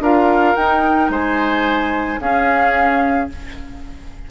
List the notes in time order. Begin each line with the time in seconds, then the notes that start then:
0.00 D4 F4 A#4 F5
0.56 D#4 G5
1.09 G#3 C5 G#5
2.20 C#4 G#4 F5